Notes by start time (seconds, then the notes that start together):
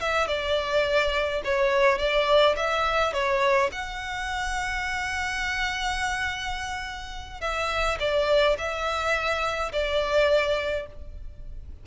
0.00 E5
0.28 D5
1.44 C#5
1.98 D5
2.56 E5
3.13 C#5
3.72 F#5
7.41 E5
7.99 D5
8.58 E5
9.72 D5